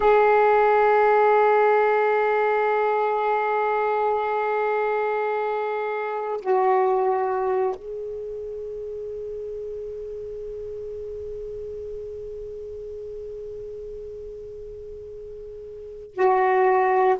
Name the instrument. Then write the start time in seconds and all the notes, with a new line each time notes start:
saxophone
0.00 G#4
6.41 F#4
7.75 G#4
16.15 F#4